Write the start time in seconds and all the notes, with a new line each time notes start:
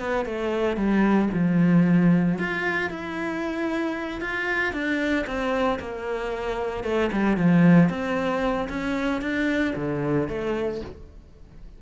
0.00 B3
0.26 A3
0.77 G3
1.34 F3
2.39 F4
2.91 E4
4.22 F4
4.73 D4
5.27 C4
5.80 A#3
6.84 A3
7.13 G3
7.37 F3
7.90 C4
8.69 C#4
9.22 D4
9.76 D3
10.29 A3